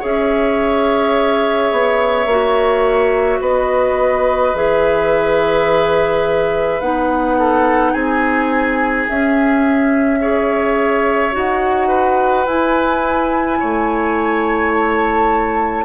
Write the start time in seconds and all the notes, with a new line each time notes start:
0.00 C#4 G#4 C#5 E5
1.72 B3
2.26 A#3 F#4
3.41 B3 B4 D#5
4.54 E3 G#4 E5
6.81 B3 D#4 F#5
7.39 A4
7.92 C4 G#4 G#5
9.09 C#4 E5
10.21 G#4 C#5
11.32 D#4 F#4 F#5
11.88 B4
12.46 E4 G#5
13.60 A3 C#5
14.74 A5